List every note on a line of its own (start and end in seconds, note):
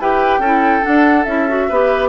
0.00 0.39 E4
0.00 0.43 G4
0.00 0.40 B4
0.00 0.85 G5
0.39 0.81 C#4
0.39 0.82 E4
0.39 1.67 A4
0.82 1.24 D4
0.82 1.26 D4
0.82 1.24 F#5
1.24 1.68 C#4
1.24 1.48 E4
1.24 2.09 E5
1.48 1.69 F#4
1.69 2.09 B3
1.69 2.09 G4
1.69 2.09 B4